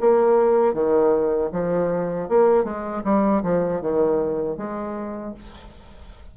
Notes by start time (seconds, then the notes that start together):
0.00 A#3
0.73 D#3
1.52 F3
2.28 A#3
2.64 G#3
3.04 G3
3.42 F3
3.81 D#3
4.57 G#3